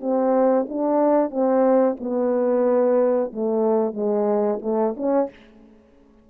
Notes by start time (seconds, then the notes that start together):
0.00 C4
0.68 D4
1.30 C4
2.00 B3
3.32 A3
3.93 G#3
4.62 A3
4.97 C#4